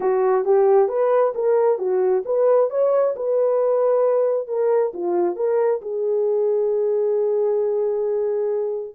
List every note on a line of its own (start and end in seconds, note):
0.00 0.45 F#4
0.45 0.88 G4
0.88 1.33 B4
1.34 1.78 A#4
1.78 2.23 F#4
2.25 2.70 B4
2.70 3.14 C#5
3.16 4.47 B4
4.47 4.92 A#4
4.93 5.36 F4
5.36 5.80 A#4
5.81 8.95 G#4